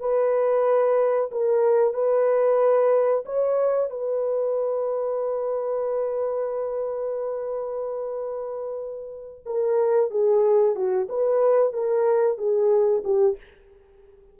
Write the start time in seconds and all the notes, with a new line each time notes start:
0.00 B4
1.32 A#4
1.94 B4
3.26 C#5
3.91 B4
9.46 A#4
10.11 G#4
10.76 F#4
11.09 B4
11.73 A#4
12.38 G#4
13.05 G4